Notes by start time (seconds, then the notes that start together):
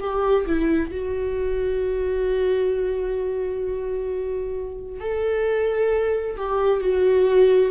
0.00 G4
0.47 E4
0.91 F#4
5.00 A4
6.37 G4
6.81 F#4